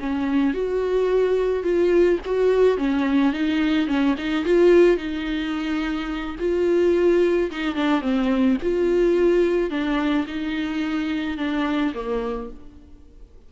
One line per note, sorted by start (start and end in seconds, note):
0.00 0.54 C#4
0.54 1.64 F#4
1.64 2.19 F4
2.25 2.78 F#4
2.78 3.33 C#4
3.33 3.87 D#4
3.87 4.15 C#4
4.18 4.45 D#4
4.45 4.97 F4
4.97 6.36 D#4
6.40 7.51 F4
7.51 7.75 D#4
7.75 8.02 D4
8.02 8.57 C4
8.62 9.70 F4
9.70 10.26 D4
10.27 11.38 D#4
11.38 11.93 D4
11.94 12.50 A#3